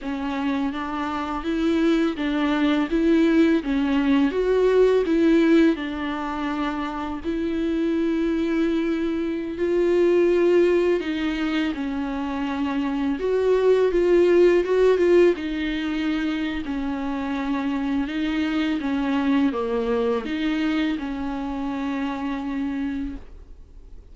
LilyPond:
\new Staff \with { instrumentName = "viola" } { \time 4/4 \tempo 4 = 83 cis'4 d'4 e'4 d'4 | e'4 cis'4 fis'4 e'4 | d'2 e'2~ | e'4~ e'16 f'2 dis'8.~ |
dis'16 cis'2 fis'4 f'8.~ | f'16 fis'8 f'8 dis'4.~ dis'16 cis'4~ | cis'4 dis'4 cis'4 ais4 | dis'4 cis'2. | }